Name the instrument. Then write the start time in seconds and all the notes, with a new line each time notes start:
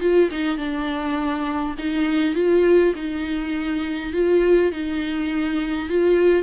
viola
0.00 F4
0.31 D#4
0.57 D4
1.78 D#4
2.34 F4
2.95 D#4
4.13 F4
4.71 D#4
5.89 F4